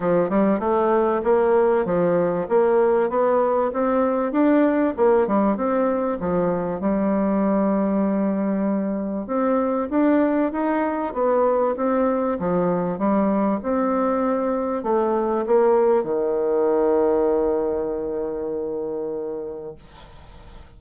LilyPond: \new Staff \with { instrumentName = "bassoon" } { \time 4/4 \tempo 4 = 97 f8 g8 a4 ais4 f4 | ais4 b4 c'4 d'4 | ais8 g8 c'4 f4 g4~ | g2. c'4 |
d'4 dis'4 b4 c'4 | f4 g4 c'2 | a4 ais4 dis2~ | dis1 | }